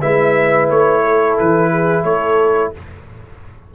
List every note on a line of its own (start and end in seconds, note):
0.00 0.70 G#3
0.00 2.74 E4
0.00 1.02 B4
0.00 0.69 E5
0.70 1.38 A3
0.70 1.38 C#5
1.03 1.71 A4
1.38 2.04 E3
1.38 2.04 B4
1.71 2.05 G#4
2.04 2.72 A3
2.04 2.73 A4
2.04 2.72 C#5